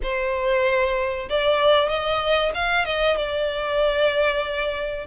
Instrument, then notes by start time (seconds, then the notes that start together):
violin
0.02 C5
1.29 D5
1.88 D#5
2.54 F5
2.85 D#5
3.17 D5